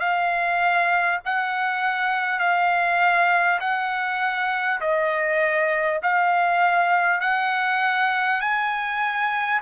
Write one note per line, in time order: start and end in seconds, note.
0.00 1.20 F5
1.25 2.39 F#5
2.39 3.59 F5
3.61 4.81 F#5
4.81 6.01 D#5
6.03 7.21 F5
7.21 8.41 F#5
8.41 9.61 G#5